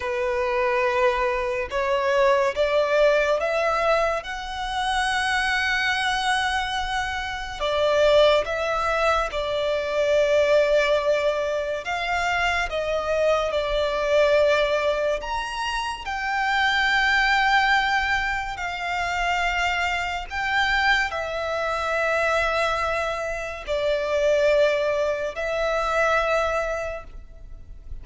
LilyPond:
\new Staff \with { instrumentName = "violin" } { \time 4/4 \tempo 4 = 71 b'2 cis''4 d''4 | e''4 fis''2.~ | fis''4 d''4 e''4 d''4~ | d''2 f''4 dis''4 |
d''2 ais''4 g''4~ | g''2 f''2 | g''4 e''2. | d''2 e''2 | }